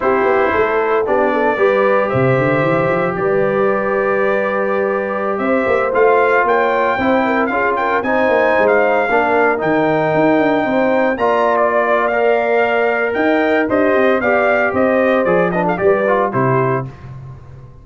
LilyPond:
<<
  \new Staff \with { instrumentName = "trumpet" } { \time 4/4 \tempo 4 = 114 c''2 d''2 | e''2 d''2~ | d''2~ d''16 e''4 f''8.~ | f''16 g''2 f''8 g''8 gis''8.~ |
gis''8 f''4.~ f''16 g''4.~ g''16~ | g''4~ g''16 ais''8. d''4 f''4~ | f''4 g''4 dis''4 f''4 | dis''4 d''8 dis''16 f''16 d''4 c''4 | }
  \new Staff \with { instrumentName = "horn" } { \time 4/4 g'4 a'4 g'8 a'8 b'4 | c''2 b'2~ | b'2~ b'16 c''4.~ c''16~ | c''16 cis''4 c''8 ais'8 gis'8 ais'8 c''8.~ |
c''4~ c''16 ais'2~ ais'8.~ | ais'16 c''4 d''2~ d''8.~ | d''4 dis''4 g'4 d''4 | c''4. b'16 a'16 b'4 g'4 | }
  \new Staff \with { instrumentName = "trombone" } { \time 4/4 e'2 d'4 g'4~ | g'1~ | g'2.~ g'16 f'8.~ | f'4~ f'16 e'4 f'4 dis'8.~ |
dis'4~ dis'16 d'4 dis'4.~ dis'16~ | dis'4~ dis'16 f'4.~ f'16 ais'4~ | ais'2 c''4 g'4~ | g'4 gis'8 d'8 g'8 f'8 e'4 | }
  \new Staff \with { instrumentName = "tuba" } { \time 4/4 c'8 b8 a4 b4 g4 | c8 d8 e8 f8 g2~ | g2~ g16 c'8 ais8 a8.~ | a16 ais4 c'4 cis'4 c'8 ais16~ |
ais16 gis4 ais4 dis4 dis'8 d'16~ | d'16 c'4 ais2~ ais8.~ | ais4 dis'4 d'8 c'8 b4 | c'4 f4 g4 c4 | }
>>